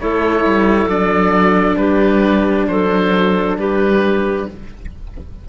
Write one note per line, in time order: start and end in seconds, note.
0.00 0.45 A3
0.00 0.89 E4
0.00 1.78 A4
0.00 0.89 C#5
0.45 0.86 G3
0.86 1.75 F#3
0.86 4.48 D4
0.86 1.77 D5
1.76 2.66 G3
1.76 2.68 G4
1.76 2.66 B4
2.68 3.56 F#3
2.68 3.59 A4
2.68 3.57 C5
3.56 4.46 G3
3.56 4.48 G4
3.56 4.49 B4